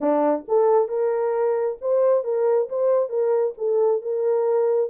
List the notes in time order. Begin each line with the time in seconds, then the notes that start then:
0.00 D4
0.47 A4
0.88 A#4
1.81 C5
2.24 A#4
2.69 C5
3.09 A#4
3.57 A4
4.01 A#4